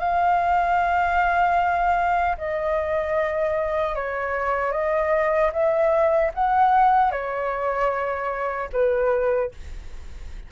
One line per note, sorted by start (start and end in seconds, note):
0.00 2.37 F5
2.38 3.95 D#5
3.95 4.72 C#5
4.72 5.51 D#5
5.53 6.32 E5
6.35 7.12 F#5
7.12 8.69 C#5
8.73 9.52 B4